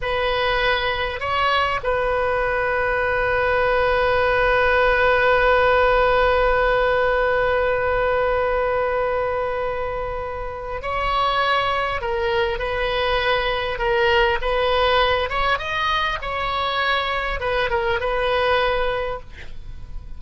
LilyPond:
\new Staff \with { instrumentName = "oboe" } { \time 4/4 \tempo 4 = 100 b'2 cis''4 b'4~ | b'1~ | b'1~ | b'1~ |
b'2 cis''2 | ais'4 b'2 ais'4 | b'4. cis''8 dis''4 cis''4~ | cis''4 b'8 ais'8 b'2 | }